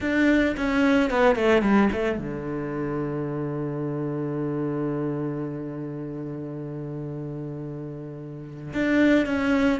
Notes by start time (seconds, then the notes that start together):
0.00 D4
0.57 C#4
1.10 B3
1.35 A3
1.62 G3
1.92 A3
2.18 D3
8.73 D4
9.26 C#4